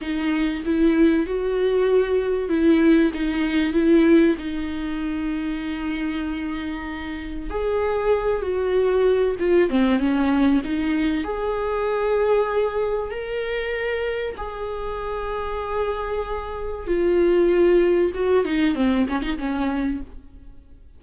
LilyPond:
\new Staff \with { instrumentName = "viola" } { \time 4/4 \tempo 4 = 96 dis'4 e'4 fis'2 | e'4 dis'4 e'4 dis'4~ | dis'1 | gis'4. fis'4. f'8 c'8 |
cis'4 dis'4 gis'2~ | gis'4 ais'2 gis'4~ | gis'2. f'4~ | f'4 fis'8 dis'8 c'8 cis'16 dis'16 cis'4 | }